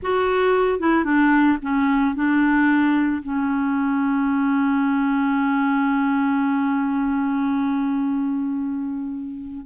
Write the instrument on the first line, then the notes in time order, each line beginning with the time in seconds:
clarinet
0.02 F#4
0.79 E4
1.04 D4
1.62 C#4
2.15 D4
3.23 C#4